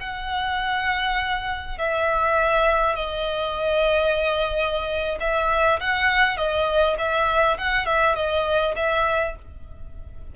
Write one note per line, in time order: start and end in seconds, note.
0.00 1.78 F#5
1.78 2.95 E5
2.95 5.18 D#5
5.20 5.79 E5
5.80 6.37 F#5
6.37 6.96 D#5
6.98 7.57 E5
7.57 7.86 F#5
7.86 8.15 E5
8.15 8.75 D#5
8.76 9.35 E5